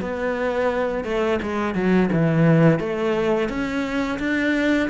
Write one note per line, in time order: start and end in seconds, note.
0.00 1.04 B3
1.04 1.39 A3
1.42 1.74 G#3
1.74 2.09 F#3
2.12 2.79 E3
2.79 3.49 A3
3.49 4.18 C#4
4.19 4.89 D4